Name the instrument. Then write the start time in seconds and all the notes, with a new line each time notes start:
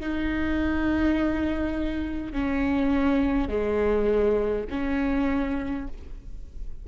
viola
0.00 D#4
2.33 C#4
3.49 G#3
4.70 C#4